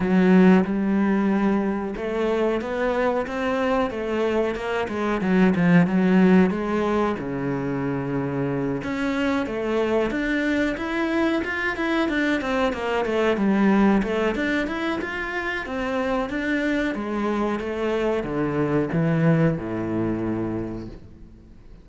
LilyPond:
\new Staff \with { instrumentName = "cello" } { \time 4/4 \tempo 4 = 92 fis4 g2 a4 | b4 c'4 a4 ais8 gis8 | fis8 f8 fis4 gis4 cis4~ | cis4. cis'4 a4 d'8~ |
d'8 e'4 f'8 e'8 d'8 c'8 ais8 | a8 g4 a8 d'8 e'8 f'4 | c'4 d'4 gis4 a4 | d4 e4 a,2 | }